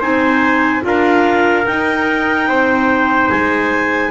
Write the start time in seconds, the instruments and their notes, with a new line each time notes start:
0.00 double bass C4, clarinet D#4 G#5, trumpet C5
0.82 double bass D4, clarinet F4 F5, trumpet A#4
1.66 double bass D#4, clarinet D#4 G5
2.48 double bass C4, trumpet C5
3.30 double bass G#3, clarinet G#5